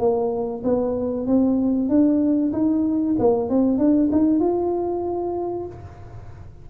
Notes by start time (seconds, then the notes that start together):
0.00 A#3
0.64 B3
1.27 C4
1.89 D4
2.53 D#4
3.20 A#3
3.50 C4
3.79 D4
4.12 D#4
4.40 F4